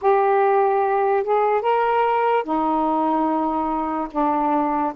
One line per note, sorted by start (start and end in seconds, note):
0.01 1.23 G4
1.23 1.61 G#4
1.61 2.43 A#4
2.43 4.08 D#4
4.11 4.93 D4